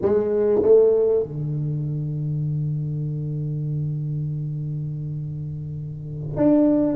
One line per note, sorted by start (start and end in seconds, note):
0.01 0.62 G#3
0.62 1.23 A3
1.23 6.36 D3
6.36 6.96 D4